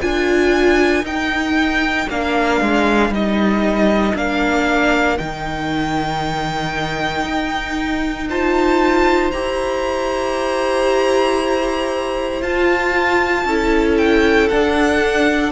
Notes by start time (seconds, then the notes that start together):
0.00 D4 F4 A#4 G#5
1.03 D#4 G5
2.10 A#3 D4 F5
2.61 G#3
3.10 G3 D#4 D#5
4.15 A#3 D4 F5
5.18 D#3 D#4 G5
7.25 D#4
8.29 F4 C5 A5
9.32 E4 G4 A#5
12.42 F4 A5
13.45 C#4 E4 A4
13.97 G5
14.49 D4 F#5